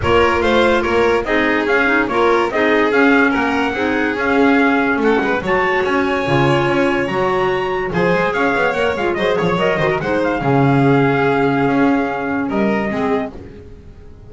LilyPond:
<<
  \new Staff \with { instrumentName = "trumpet" } { \time 4/4 \tempo 4 = 144 cis''4 f''4 cis''4 dis''4 | f''4 cis''4 dis''4 f''4 | fis''2 f''2 | fis''4 a''4 gis''2~ |
gis''4 ais''2 gis''4 | f''4 fis''8 f''8 dis''8 cis''8 dis''4 | fis''8 f''2.~ f''8~ | f''2 dis''2 | }
  \new Staff \with { instrumentName = "violin" } { \time 4/4 ais'4 c''4 ais'4 gis'4~ | gis'4 ais'4 gis'2 | ais'4 gis'2. | a'8 b'8 cis''2.~ |
cis''2. c''4 | cis''2 c''8 cis''4 c''16 ais'16 | c''4 gis'2.~ | gis'2 ais'4 gis'4 | }
  \new Staff \with { instrumentName = "clarinet" } { \time 4/4 f'2. dis'4 | cis'8 dis'8 f'4 dis'4 cis'4~ | cis'4 dis'4 cis'2~ | cis'4 fis'2 f'4~ |
f'4 fis'2 gis'4~ | gis'4 ais'8 f'8 gis'4 ais'8 fis'8 | dis'4 cis'2.~ | cis'2. c'4 | }
  \new Staff \with { instrumentName = "double bass" } { \time 4/4 ais4 a4 ais4 c'4 | cis'4 ais4 c'4 cis'4 | ais4 c'4 cis'2 | a8 gis8 fis4 cis'4 cis4 |
cis'4 fis2 f8 gis8 | cis'8 b8 ais8 gis8 fis8 f8 fis8 dis8 | gis4 cis2. | cis'2 g4 gis4 | }
>>